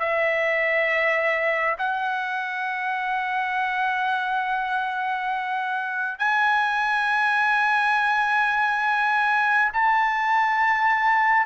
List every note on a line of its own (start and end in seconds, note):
0.00 1.76 E5
1.79 6.19 F#5
6.19 9.72 G#5
9.73 11.46 A5